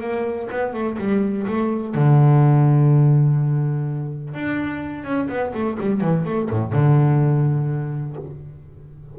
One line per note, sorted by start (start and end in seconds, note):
0.00 0.48 A#3
0.51 0.74 B3
0.74 0.98 A3
0.98 1.46 G3
1.47 1.94 A3
1.94 4.34 D3
4.34 5.04 D4
5.04 5.28 C#4
5.29 5.53 B3
5.54 5.78 A3
5.80 6.01 G3
6.01 6.25 E3
6.25 6.49 A3
6.50 6.72 A2
6.72 8.16 D3